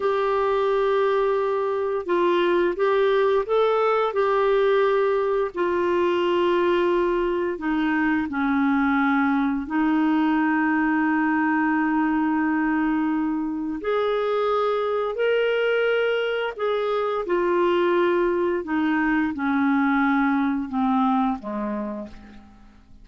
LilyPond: \new Staff \with { instrumentName = "clarinet" } { \time 4/4 \tempo 4 = 87 g'2. f'4 | g'4 a'4 g'2 | f'2. dis'4 | cis'2 dis'2~ |
dis'1 | gis'2 ais'2 | gis'4 f'2 dis'4 | cis'2 c'4 gis4 | }